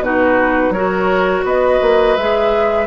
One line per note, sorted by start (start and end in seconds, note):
0.00 0.69 B2
0.00 0.74 D#4
0.00 0.73 F#4
0.00 0.72 B4
0.69 1.41 F#3
0.69 2.18 F#4
0.69 1.45 A#4
0.69 1.44 C#5
1.44 1.79 B3
1.44 2.86 B4
1.44 2.16 D#5
1.81 2.17 A#3
2.16 2.86 G#3
2.16 2.86 G#4
2.16 2.86 E5